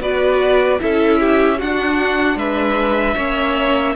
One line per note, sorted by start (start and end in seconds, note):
0.00 0.79 B3
0.00 0.79 F#4
0.00 0.80 B4
0.00 0.81 D5
0.79 1.62 C#4
0.79 1.58 E4
0.79 1.20 A4
0.79 1.61 E5
1.20 1.59 G4
1.59 3.17 D4
1.59 2.36 D4
1.59 2.38 F#4
1.59 2.38 F#5
2.36 3.15 G#3
2.36 3.16 B4
2.36 3.96 E5
3.16 3.96 A#3
3.16 3.96 C#4
3.16 3.95 C#5